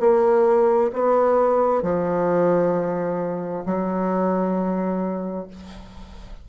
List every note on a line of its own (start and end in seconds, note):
0.00 0.91 A#3
0.93 1.82 B3
1.82 3.64 F3
3.66 5.48 F#3